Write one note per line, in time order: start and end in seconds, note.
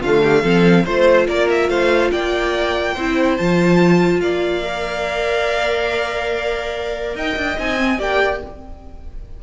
0.00 0.43 D3
0.00 0.43 A3
0.00 0.21 F4
0.00 0.85 F5
0.22 0.41 G4
0.41 0.85 F3
0.41 0.85 C4
0.41 0.83 A4
0.84 1.27 A3
0.84 2.96 F4
0.84 1.26 C5
0.84 1.27 C5
1.27 1.69 A#3
1.27 1.69 A#4
1.27 1.48 D5
1.49 1.69 E5
1.69 2.10 A3
1.69 2.11 C5
1.69 2.11 F5
2.11 2.96 A#3
2.11 2.94 D5
2.11 3.36 G5
2.94 3.38 C4
2.94 3.39 E4
2.94 4.19 C5
3.36 4.21 F3
3.36 4.63 F4
3.36 4.20 A5
4.20 7.14 A#3
4.20 7.16 D5
4.20 7.14 F5
4.63 7.57 A#4
7.15 7.35 D#4
7.15 7.98 D#5
7.15 7.58 G5
7.36 7.57 D4
7.58 7.98 C4
7.58 7.77 D#4
7.58 8.00 G#5
7.77 7.98 C4
7.98 8.40 A#3
7.98 8.40 G4
7.98 8.40 D5
7.98 8.42 G5